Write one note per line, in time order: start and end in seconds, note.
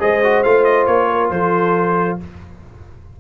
0.00 0.44 G#3
0.00 0.22 G#4
0.00 1.10 C5
0.00 0.43 D#5
0.24 0.45 F#4
0.43 0.88 A3
0.43 2.21 F4
0.43 0.64 F5
0.64 0.86 D#5
0.87 1.30 A#3
0.87 1.30 C#5
1.11 1.32 A#4
1.30 2.18 F3
1.30 2.20 A4
1.30 2.19 C5